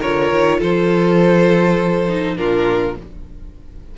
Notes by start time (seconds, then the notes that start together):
0.00 D3 F4 A#4 C#5
0.33 D#3
0.59 F3 A4 C5
2.09 D#4
2.37 A#2 D4 F4 A#4